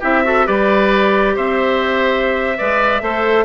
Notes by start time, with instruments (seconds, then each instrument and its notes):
0.00 bassoon C4, clarinet E4, oboe G4, trumpet E5
0.24 clarinet F#4, oboe A4
0.45 bassoon G3, clarinet G4, oboe B4, trumpet D5
1.35 bassoon C4, oboe C5, trumpet E5
2.57 bassoon G#3, clarinet B4, oboe D5
3.01 bassoon A3, clarinet A4, oboe C5